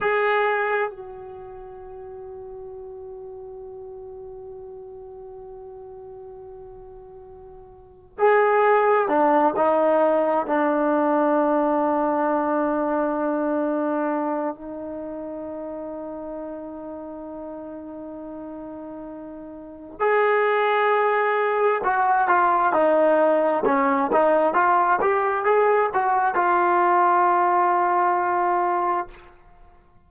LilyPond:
\new Staff \with { instrumentName = "trombone" } { \time 4/4 \tempo 4 = 66 gis'4 fis'2.~ | fis'1~ | fis'4 gis'4 d'8 dis'4 d'8~ | d'1 |
dis'1~ | dis'2 gis'2 | fis'8 f'8 dis'4 cis'8 dis'8 f'8 g'8 | gis'8 fis'8 f'2. | }